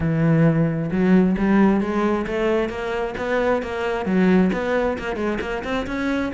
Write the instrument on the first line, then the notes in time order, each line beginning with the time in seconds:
cello
0.00 E3
0.91 F#3
1.38 G3
1.80 G#3
2.26 A3
2.69 A#3
3.17 B3
3.62 A#3
4.05 F#3
4.52 B3
4.98 A#3
5.16 G#3
5.40 A#3
5.63 C4
5.86 C#4